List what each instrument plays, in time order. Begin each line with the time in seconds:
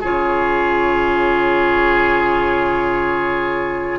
0.00 bassoon C#3, clarinet F4, oboe G#4, flute C#5